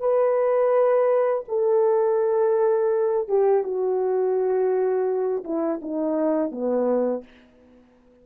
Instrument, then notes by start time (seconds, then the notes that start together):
horn
0.00 B4
1.49 A4
3.29 G4
3.63 F#4
5.44 E4
5.82 D#4
6.52 B3